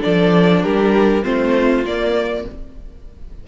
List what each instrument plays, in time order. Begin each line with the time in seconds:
0.00 cello F3, viola D4, violin A4 D5
0.62 cello G3, violin G4 A#4
1.23 cello A3, viola C4, violin F4 C5
1.84 cello A#3, viola A#3, violin D5